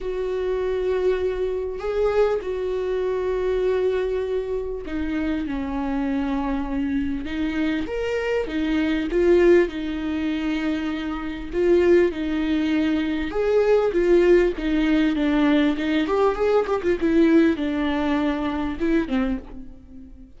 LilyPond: \new Staff \with { instrumentName = "viola" } { \time 4/4 \tempo 4 = 99 fis'2. gis'4 | fis'1 | dis'4 cis'2. | dis'4 ais'4 dis'4 f'4 |
dis'2. f'4 | dis'2 gis'4 f'4 | dis'4 d'4 dis'8 g'8 gis'8 g'16 f'16 | e'4 d'2 e'8 c'8 | }